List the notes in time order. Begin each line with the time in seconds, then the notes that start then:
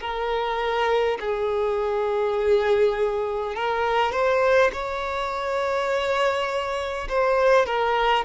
0.00 A#4
1.20 G#4
3.55 A#4
4.12 C5
4.72 C#5
7.09 C5
7.65 A#4